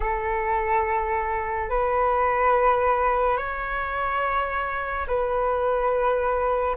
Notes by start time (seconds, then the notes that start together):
0.00 A4
1.69 B4
3.37 C#5
5.07 B4